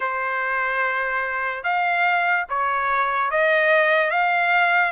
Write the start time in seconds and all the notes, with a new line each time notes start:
0.00 C5
1.63 F5
2.49 C#5
3.30 D#5
4.10 F5